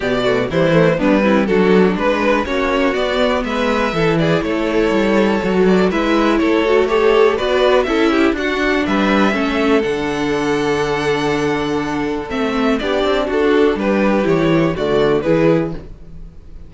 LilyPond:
<<
  \new Staff \with { instrumentName = "violin" } { \time 4/4 \tempo 4 = 122 d''4 c''4 b'4 a'4 | b'4 cis''4 d''4 e''4~ | e''8 d''8 cis''2~ cis''8 d''8 | e''4 cis''4 a'4 d''4 |
e''4 fis''4 e''2 | fis''1~ | fis''4 e''4 d''4 a'4 | b'4 cis''4 d''4 b'4 | }
  \new Staff \with { instrumentName = "violin" } { \time 4/4 g'8 fis'8 e'4 d'8 e'8 fis'4 | b'4 fis'2 b'4 | a'8 gis'8 a'2. | b'4 a'4 cis''4 b'4 |
a'8 g'8 fis'4 b'4 a'4~ | a'1~ | a'2 g'4 fis'4 | g'2 fis'4 gis'4 | }
  \new Staff \with { instrumentName = "viola" } { \time 4/4 b8 a8 g8 a8 b8 c'8 d'4~ | d'4 cis'4 b2 | e'2. fis'4 | e'4. fis'8 g'4 fis'4 |
e'4 d'2 cis'4 | d'1~ | d'4 c'4 d'2~ | d'4 e'4 a4 e'4 | }
  \new Staff \with { instrumentName = "cello" } { \time 4/4 b,4 e4 g4 fis4 | gis4 ais4 b4 gis4 | e4 a4 g4 fis4 | gis4 a2 b4 |
cis'4 d'4 g4 a4 | d1~ | d4 a4 b8 c'8 d'4 | g4 e4 d4 e4 | }
>>